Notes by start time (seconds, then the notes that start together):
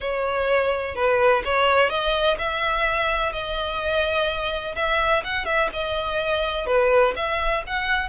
0.00 C#5
0.95 B4
1.44 C#5
1.89 D#5
2.38 E5
3.32 D#5
4.75 E5
5.24 F#5
5.45 E5
5.73 D#5
6.66 B4
7.16 E5
7.66 F#5